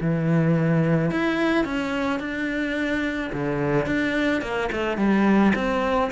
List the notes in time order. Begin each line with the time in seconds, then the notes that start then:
0.00 E3
1.10 E4
1.64 C#4
2.19 D4
3.33 D3
3.86 D4
4.41 A#3
4.71 A3
4.97 G3
5.55 C4